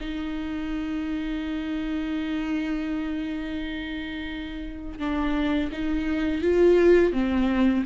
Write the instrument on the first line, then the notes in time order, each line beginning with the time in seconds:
viola
0.00 D#4
4.99 D4
5.72 D#4
6.42 F4
7.12 C4